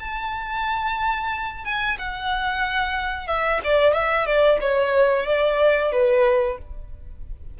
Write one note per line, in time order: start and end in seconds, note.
0.00 1.65 A5
1.65 1.98 G#5
1.98 3.28 F#5
3.28 3.61 E5
3.64 3.94 D5
3.94 4.26 E5
4.26 4.59 D5
4.61 5.26 C#5
5.26 5.92 D5
5.92 6.58 B4